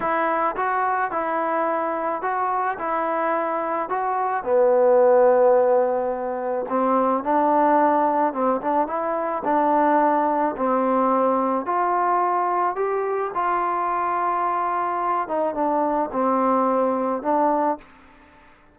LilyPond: \new Staff \with { instrumentName = "trombone" } { \time 4/4 \tempo 4 = 108 e'4 fis'4 e'2 | fis'4 e'2 fis'4 | b1 | c'4 d'2 c'8 d'8 |
e'4 d'2 c'4~ | c'4 f'2 g'4 | f'2.~ f'8 dis'8 | d'4 c'2 d'4 | }